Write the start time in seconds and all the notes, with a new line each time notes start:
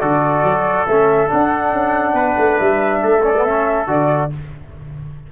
0.00 D3 F#4 A4 D5
0.44 F#3
0.87 A3 C#4 E5
1.29 D4 F#5
1.73 C#4
2.14 B3 B4
2.38 A3
2.59 G3 E5
3.03 A3 A4
3.24 C#4 D5
3.36 B3
3.45 C#4 E5
3.88 D3 F#4 D5